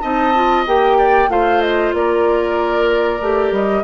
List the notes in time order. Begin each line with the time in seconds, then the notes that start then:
0.00 C4 D#4 D#5 A5
0.34 F4
0.66 A#3 G4 G5
0.97 D5
1.28 A3 F4 C5 F5
1.61 D#5
1.93 A#3 A#4 D5
3.20 A3 G4
3.51 G3 D#5